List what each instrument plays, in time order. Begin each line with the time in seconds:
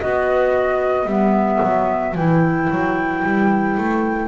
0.00 double bass B3, clarinet F#4, violin B4, flute D#5
1.05 double bass G3, clarinet B3, flute E5
1.63 double bass F#3
2.15 double bass E3, clarinet E4, flute G5
2.70 double bass F#3
3.24 double bass G3
3.77 double bass A3